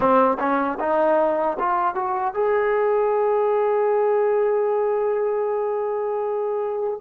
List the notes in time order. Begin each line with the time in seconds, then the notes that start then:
0.00 C4
0.39 C#4
0.79 D#4
1.59 F4
1.94 F#4
2.34 G#4